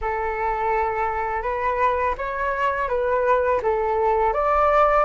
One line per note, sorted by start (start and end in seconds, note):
0.01 1.42 A4
1.42 2.14 B4
2.17 2.88 C#5
2.88 3.60 B4
3.62 4.33 A4
4.33 5.04 D5